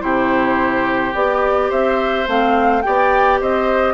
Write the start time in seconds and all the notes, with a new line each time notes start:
0.00 C3 E4 G4 C5
1.14 B3 G4 D5
1.69 C4 C5 E5
2.26 A3 C4 F5
2.82 B3 G4 D5 G5
3.41 C4 C5 D#5